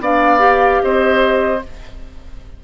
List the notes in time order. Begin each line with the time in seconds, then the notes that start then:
0.00 B3 D4 D5 F5
0.38 G4
0.83 C4 C5 D#5